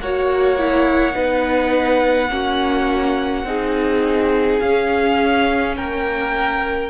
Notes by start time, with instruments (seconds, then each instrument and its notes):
0.00 cello A#3, viola F#4, violin C#5 F#5
0.59 viola E4
1.13 cello B3, viola D#4, violin B4
2.30 cello A#3, viola C#4, violin F#4
3.44 cello C4, viola D#4, violin G#4
4.60 cello C#4, viola C#4, violin F5
5.77 cello A#3, violin A#4 G5